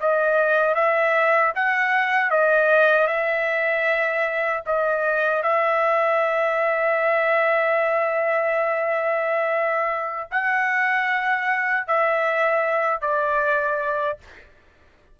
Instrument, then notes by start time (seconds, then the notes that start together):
trumpet
0.00 D#5
0.75 E5
1.55 F#5
2.30 D#5
3.07 E5
4.66 D#5
5.43 E5
10.31 F#5
11.87 E5
13.01 D5